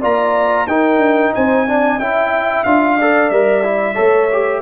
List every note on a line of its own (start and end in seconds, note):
0.00 0.67 A#3
0.00 0.68 F4
0.00 0.66 D5
0.00 0.68 A#5
0.67 0.97 D#4
0.67 1.68 D#4
0.67 1.34 A#4
0.67 1.34 G5
0.97 1.30 D4
1.34 1.98 C4
1.34 1.67 C5
1.34 1.99 G#5
1.68 2.01 D4
1.68 1.99 D5
1.98 2.64 C#4
1.98 2.66 E4
1.98 2.96 E5
1.98 2.64 G5
2.64 3.30 D4
2.64 2.99 F4
2.64 3.30 F5
2.96 3.33 A4
2.96 3.95 D5
3.30 3.96 G3
3.30 3.64 A#4
3.30 4.62 E5
3.64 3.95 E4
3.95 4.62 A3
3.95 4.28 A4
3.95 4.61 C#5
4.32 4.62 G4